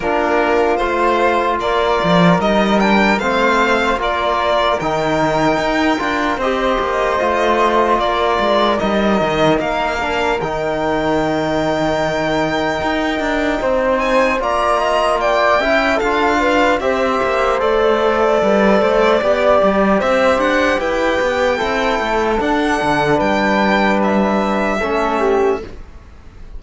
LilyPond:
<<
  \new Staff \with { instrumentName = "violin" } { \time 4/4 \tempo 4 = 75 ais'4 c''4 d''4 dis''8 g''8 | f''4 d''4 g''2 | dis''2 d''4 dis''4 | f''4 g''2.~ |
g''4. gis''8 ais''4 g''4 | f''4 e''4 d''2~ | d''4 e''8 fis''8 g''2 | fis''4 g''4 e''2 | }
  \new Staff \with { instrumentName = "flute" } { \time 4/4 f'2 ais'2 | c''4 ais'2. | c''2 ais'2~ | ais'1~ |
ais'4 c''4 d''8 dis''8 d''8 e''8 | a'8 b'8 c''2 b'8 c''8 | d''4 c''4 b'4 a'4~ | a'4 b'2 a'8 g'8 | }
  \new Staff \with { instrumentName = "trombone" } { \time 4/4 d'4 f'2 dis'8 d'8 | c'4 f'4 dis'4. f'8 | g'4 f'2 dis'4~ | dis'8 d'8 dis'2.~ |
dis'2 f'4. e'8 | f'4 g'4 a'2 | g'2. e'4 | d'2. cis'4 | }
  \new Staff \with { instrumentName = "cello" } { \time 4/4 ais4 a4 ais8 f8 g4 | a4 ais4 dis4 dis'8 d'8 | c'8 ais8 a4 ais8 gis8 g8 dis8 | ais4 dis2. |
dis'8 d'8 c'4 ais4. cis'8 | d'4 c'8 ais8 a4 g8 a8 | b8 g8 c'8 d'8 e'8 b8 c'8 a8 | d'8 d8 g2 a4 | }
>>